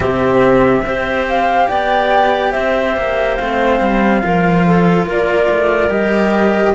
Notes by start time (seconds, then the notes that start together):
0.00 C3 C4 G4 E5
0.82 C4 G4 C5
1.28 F5
1.68 B3 D5 G5
2.52 C4 C5 E5
2.96 A#3
3.35 A3 C4 F5
3.80 G3
4.21 F3 F4 A#4
4.66 A4
5.05 A#3 A#4 D5
5.50 A3
5.88 G3 G4 D#5